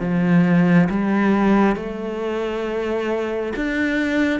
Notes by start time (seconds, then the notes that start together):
0.00 F3
0.89 G3
1.76 A3
3.56 D4